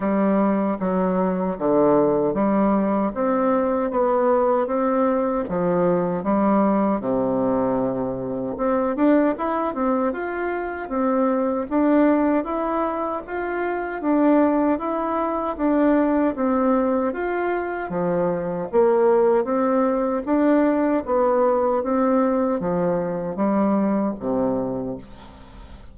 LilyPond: \new Staff \with { instrumentName = "bassoon" } { \time 4/4 \tempo 4 = 77 g4 fis4 d4 g4 | c'4 b4 c'4 f4 | g4 c2 c'8 d'8 | e'8 c'8 f'4 c'4 d'4 |
e'4 f'4 d'4 e'4 | d'4 c'4 f'4 f4 | ais4 c'4 d'4 b4 | c'4 f4 g4 c4 | }